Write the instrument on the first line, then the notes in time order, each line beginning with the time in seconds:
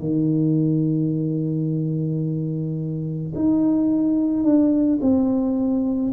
tuba
0.00 D#3
3.35 D#4
4.43 D4
5.01 C4